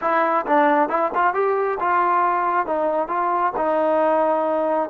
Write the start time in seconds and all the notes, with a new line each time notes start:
0.01 E4
0.46 D4
0.89 E4
1.14 F4
1.34 G4
1.80 F4
2.66 D#4
3.08 F4
3.56 D#4